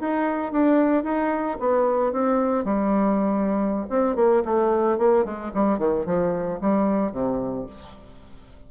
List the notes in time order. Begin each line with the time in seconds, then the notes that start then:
0.00 D#4
0.52 D4
1.04 D#4
1.60 B3
2.13 C4
2.64 G3
3.90 C4
4.16 A#3
4.45 A3
4.98 A#3
5.25 G#3
5.54 G3
5.79 D#3
6.06 F3
6.61 G3
7.12 C3